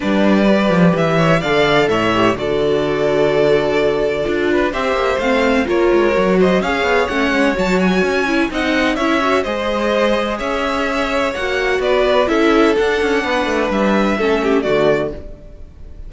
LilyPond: <<
  \new Staff \with { instrumentName = "violin" } { \time 4/4 \tempo 4 = 127 d''2 e''4 f''4 | e''4 d''2.~ | d''2 e''4 f''4 | cis''4. dis''8 f''4 fis''4 |
a''8 gis''4. fis''4 e''4 | dis''2 e''2 | fis''4 d''4 e''4 fis''4~ | fis''4 e''2 d''4 | }
  \new Staff \with { instrumentName = "violin" } { \time 4/4 b'2~ b'8 cis''8 d''4 | cis''4 a'2.~ | a'4. b'8 c''2 | ais'4. c''8 cis''2~ |
cis''2 dis''4 cis''4 | c''2 cis''2~ | cis''4 b'4 a'2 | b'2 a'8 g'8 fis'4 | }
  \new Staff \with { instrumentName = "viola" } { \time 4/4 d'4 g'2 a'4~ | a'8 g'8 fis'2.~ | fis'4 f'4 g'4 c'4 | f'4 fis'4 gis'4 cis'4 |
fis'4. e'8 dis'4 e'8 fis'8 | gis'1 | fis'2 e'4 d'4~ | d'2 cis'4 a4 | }
  \new Staff \with { instrumentName = "cello" } { \time 4/4 g4. f8 e4 d4 | a,4 d2.~ | d4 d'4 c'8 ais8 a4 | ais8 gis8 fis4 cis'8 b8 a8 gis8 |
fis4 cis'4 c'4 cis'4 | gis2 cis'2 | ais4 b4 cis'4 d'8 cis'8 | b8 a8 g4 a4 d4 | }
>>